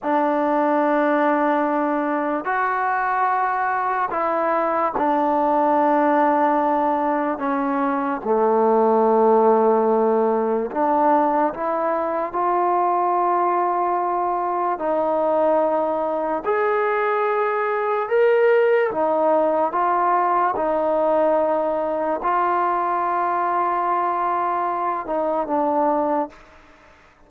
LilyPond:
\new Staff \with { instrumentName = "trombone" } { \time 4/4 \tempo 4 = 73 d'2. fis'4~ | fis'4 e'4 d'2~ | d'4 cis'4 a2~ | a4 d'4 e'4 f'4~ |
f'2 dis'2 | gis'2 ais'4 dis'4 | f'4 dis'2 f'4~ | f'2~ f'8 dis'8 d'4 | }